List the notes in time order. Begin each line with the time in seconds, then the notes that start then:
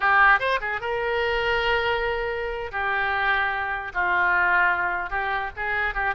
0.00 G4
0.39 C5
0.61 G#4
0.80 A#4
2.71 G4
3.94 F4
5.10 G4
5.56 G#4
5.94 G4